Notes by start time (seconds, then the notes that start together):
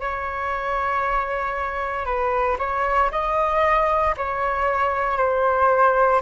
0.00 C#5
2.05 B4
2.59 C#5
3.11 D#5
4.17 C#5
5.17 C5